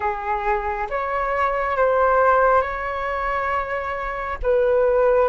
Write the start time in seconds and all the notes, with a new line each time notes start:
0.00 G#4
0.89 C#5
1.76 C5
2.61 C#5
4.42 B4